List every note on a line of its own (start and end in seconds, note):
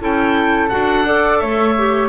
0.00 0.71 C#4
0.00 0.70 E4
0.00 1.06 A4
0.00 0.69 G5
0.69 1.42 D4
0.69 1.05 F#4
0.69 1.39 F#5
1.06 1.75 A4
1.06 1.41 D5
1.39 2.09 A3
1.39 2.09 C#5
1.39 2.08 E5
1.78 2.09 G4